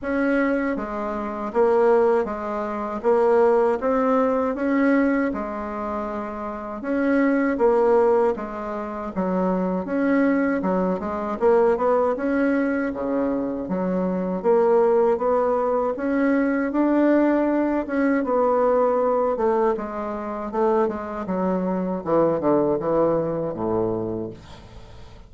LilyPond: \new Staff \with { instrumentName = "bassoon" } { \time 4/4 \tempo 4 = 79 cis'4 gis4 ais4 gis4 | ais4 c'4 cis'4 gis4~ | gis4 cis'4 ais4 gis4 | fis4 cis'4 fis8 gis8 ais8 b8 |
cis'4 cis4 fis4 ais4 | b4 cis'4 d'4. cis'8 | b4. a8 gis4 a8 gis8 | fis4 e8 d8 e4 a,4 | }